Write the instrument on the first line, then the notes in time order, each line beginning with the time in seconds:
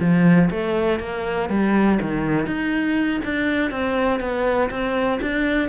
cello
0.00 F3
0.50 A3
1.00 A#3
1.49 G3
2.01 D#3
2.46 D#4
3.24 D4
3.71 C4
4.20 B3
4.70 C4
5.22 D4